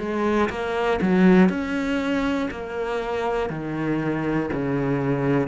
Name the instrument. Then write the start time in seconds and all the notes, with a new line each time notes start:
cello
0.00 G#3
0.50 A#3
1.02 F#3
1.50 C#4
2.51 A#3
3.50 D#3
4.54 C#3